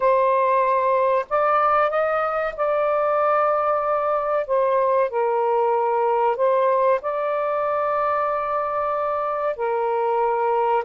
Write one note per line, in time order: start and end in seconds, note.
0.00 1.25 C5
1.29 1.90 D5
1.90 2.54 D#5
2.56 4.46 D5
4.46 5.09 C5
5.09 6.36 A#4
6.36 7.00 C5
7.01 9.56 D5
9.56 10.84 A#4